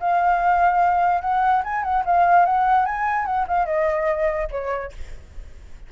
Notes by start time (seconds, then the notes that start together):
0.00 F5
1.21 F#5
1.64 G#5
1.83 F#5
2.05 F5
2.46 F#5
2.86 G#5
3.26 F#5
3.48 F5
3.66 D#5
4.51 C#5